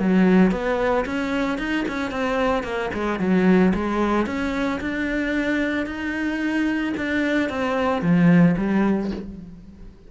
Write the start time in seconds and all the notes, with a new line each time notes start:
0.00 F#3
0.52 B3
1.06 C#4
1.59 D#4
1.89 C#4
2.12 C4
2.64 A#3
2.94 G#3
3.20 F#3
3.75 G#3
4.27 C#4
4.81 D4
5.87 D#4
6.98 D4
7.50 C4
8.02 F3
8.58 G3